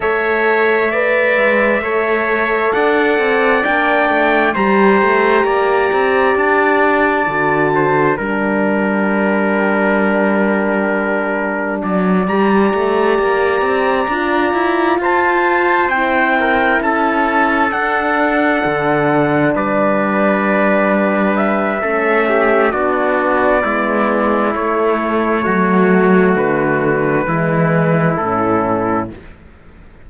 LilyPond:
<<
  \new Staff \with { instrumentName = "trumpet" } { \time 4/4 \tempo 4 = 66 e''2. fis''4 | g''4 ais''2 a''4~ | a''4 g''2.~ | g''4. ais''2~ ais''8~ |
ais''8 a''4 g''4 a''4 fis''8~ | fis''4. d''2 e''8~ | e''4 d''2 cis''4~ | cis''4 b'2 a'4 | }
  \new Staff \with { instrumentName = "trumpet" } { \time 4/4 cis''4 d''4 cis''4 d''4~ | d''4 c''4 d''2~ | d''8 c''8 ais'2.~ | ais'4 d''2.~ |
d''8 c''4. ais'8 a'4.~ | a'4. b'2~ b'8 | a'8 g'8 fis'4 e'2 | fis'2 e'2 | }
  \new Staff \with { instrumentName = "horn" } { \time 4/4 a'4 b'4 a'2 | d'4 g'2. | fis'4 d'2.~ | d'4. g'2 f'8~ |
f'4. e'2 d'8~ | d'1 | cis'4 d'4 b4 a4~ | a2 gis4 cis'4 | }
  \new Staff \with { instrumentName = "cello" } { \time 4/4 a4. gis8 a4 d'8 c'8 | ais8 a8 g8 a8 ais8 c'8 d'4 | d4 g2.~ | g4 fis8 g8 a8 ais8 c'8 d'8 |
e'8 f'4 c'4 cis'4 d'8~ | d'8 d4 g2~ g8 | a4 b4 gis4 a4 | fis4 d4 e4 a,4 | }
>>